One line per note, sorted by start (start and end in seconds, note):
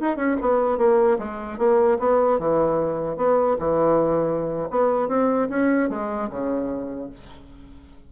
0.00 0.16 D#4
0.16 0.36 C#4
0.41 0.78 B3
0.78 1.18 A#3
1.18 1.58 G#3
1.58 1.98 A#3
1.99 2.39 B3
2.39 3.16 E3
3.16 3.56 B3
3.59 4.69 E3
4.70 5.08 B3
5.08 5.48 C4
5.49 5.89 C#4
5.89 6.29 G#3
6.30 7.10 C#3